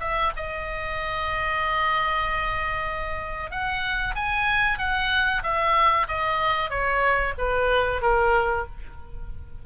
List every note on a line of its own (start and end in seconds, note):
0.00 0.32 E5
0.36 3.51 D#5
3.51 4.15 F#5
4.15 4.78 G#5
4.78 5.42 F#5
5.43 6.07 E5
6.08 6.70 D#5
6.70 7.34 C#5
7.38 8.02 B4
8.02 8.65 A#4